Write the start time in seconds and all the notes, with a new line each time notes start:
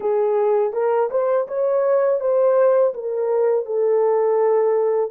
0.00 G#4
0.73 A#4
1.10 C5
1.47 C#5
2.20 C5
2.94 A#4
3.65 A4